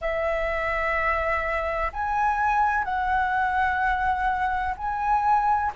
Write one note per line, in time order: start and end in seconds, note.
0.01 1.91 E5
1.92 2.84 G#5
2.84 4.74 F#5
4.77 5.72 G#5